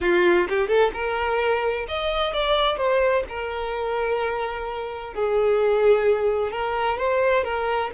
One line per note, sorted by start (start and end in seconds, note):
0.00 0.47 F4
0.49 0.67 G4
0.67 0.91 A4
0.93 1.86 A#4
1.88 2.33 D#5
2.33 2.77 D5
2.77 3.23 C5
3.29 5.14 A#4
5.14 6.51 G#4
6.51 6.98 A#4
6.98 7.43 C5
7.43 7.90 A#4